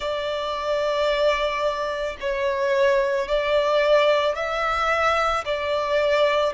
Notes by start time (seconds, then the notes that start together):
0.00 D5
2.20 C#5
3.28 D5
4.35 E5
5.45 D5